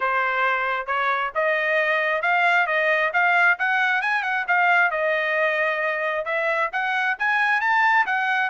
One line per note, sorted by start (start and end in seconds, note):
0.00 0.86 C5
0.86 1.31 C#5
1.34 2.21 D#5
2.21 2.66 F5
2.66 3.11 D#5
3.13 3.57 F5
3.58 4.01 F#5
4.01 4.23 G#5
4.23 4.45 F#5
4.47 4.91 F5
4.91 6.25 D#5
6.25 6.70 E5
6.72 7.17 F#5
7.18 7.60 G#5
7.60 8.05 A5
8.06 8.50 F#5